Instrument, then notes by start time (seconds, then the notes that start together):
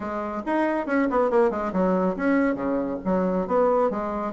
bassoon
0.00 G#3
0.46 D#4
0.86 C#4
1.10 B3
1.30 A#3
1.50 G#3
1.72 F#3
2.16 C#4
2.54 C#3
3.04 F#3
3.47 B3
3.90 G#3